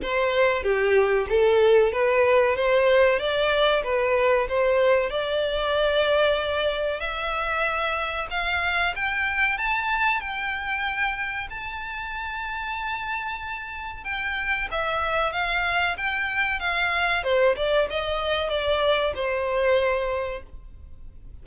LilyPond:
\new Staff \with { instrumentName = "violin" } { \time 4/4 \tempo 4 = 94 c''4 g'4 a'4 b'4 | c''4 d''4 b'4 c''4 | d''2. e''4~ | e''4 f''4 g''4 a''4 |
g''2 a''2~ | a''2 g''4 e''4 | f''4 g''4 f''4 c''8 d''8 | dis''4 d''4 c''2 | }